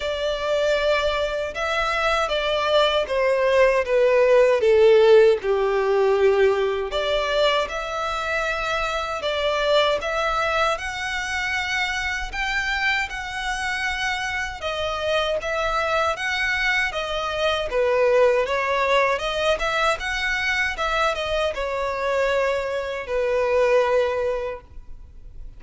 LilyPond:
\new Staff \with { instrumentName = "violin" } { \time 4/4 \tempo 4 = 78 d''2 e''4 d''4 | c''4 b'4 a'4 g'4~ | g'4 d''4 e''2 | d''4 e''4 fis''2 |
g''4 fis''2 dis''4 | e''4 fis''4 dis''4 b'4 | cis''4 dis''8 e''8 fis''4 e''8 dis''8 | cis''2 b'2 | }